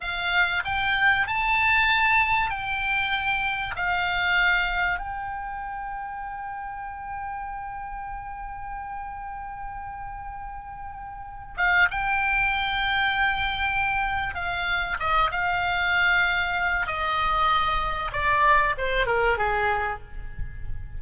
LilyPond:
\new Staff \with { instrumentName = "oboe" } { \time 4/4 \tempo 4 = 96 f''4 g''4 a''2 | g''2 f''2 | g''1~ | g''1~ |
g''2~ g''8 f''8 g''4~ | g''2. f''4 | dis''8 f''2~ f''8 dis''4~ | dis''4 d''4 c''8 ais'8 gis'4 | }